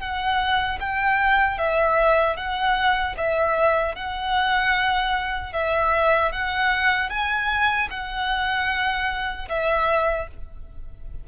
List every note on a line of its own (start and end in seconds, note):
0.00 0.79 F#5
0.80 1.58 G5
1.58 2.36 E5
2.36 3.15 F#5
3.17 3.95 E5
3.95 5.53 F#5
5.53 6.32 E5
6.32 7.09 F#5
7.09 7.88 G#5
7.91 9.48 F#5
9.49 10.28 E5